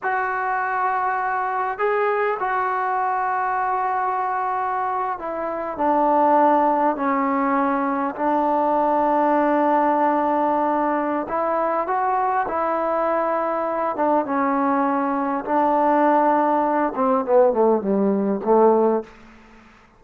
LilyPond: \new Staff \with { instrumentName = "trombone" } { \time 4/4 \tempo 4 = 101 fis'2. gis'4 | fis'1~ | fis'8. e'4 d'2 cis'16~ | cis'4.~ cis'16 d'2~ d'16~ |
d'2. e'4 | fis'4 e'2~ e'8 d'8 | cis'2 d'2~ | d'8 c'8 b8 a8 g4 a4 | }